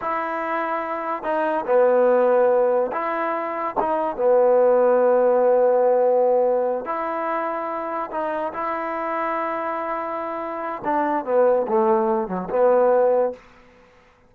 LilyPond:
\new Staff \with { instrumentName = "trombone" } { \time 4/4 \tempo 4 = 144 e'2. dis'4 | b2. e'4~ | e'4 dis'4 b2~ | b1~ |
b8 e'2. dis'8~ | dis'8 e'2.~ e'8~ | e'2 d'4 b4 | a4. fis8 b2 | }